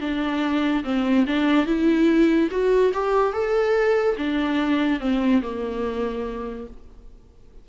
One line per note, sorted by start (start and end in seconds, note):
0.00 0.83 D4
0.84 1.25 C4
1.27 1.66 D4
1.66 2.49 E4
2.50 2.92 F#4
2.93 3.33 G4
3.33 4.16 A4
4.17 5.00 D4
5.00 5.41 C4
5.42 6.67 A#3